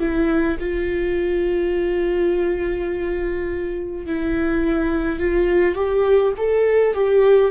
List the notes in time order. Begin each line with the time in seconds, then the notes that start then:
0.00 E4
0.60 F4
4.06 E4
5.20 F4
5.75 G4
6.38 A4
6.94 G4